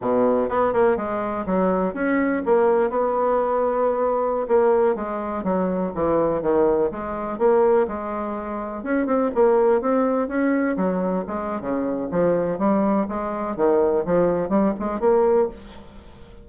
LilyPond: \new Staff \with { instrumentName = "bassoon" } { \time 4/4 \tempo 4 = 124 b,4 b8 ais8 gis4 fis4 | cis'4 ais4 b2~ | b4~ b16 ais4 gis4 fis8.~ | fis16 e4 dis4 gis4 ais8.~ |
ais16 gis2 cis'8 c'8 ais8.~ | ais16 c'4 cis'4 fis4 gis8. | cis4 f4 g4 gis4 | dis4 f4 g8 gis8 ais4 | }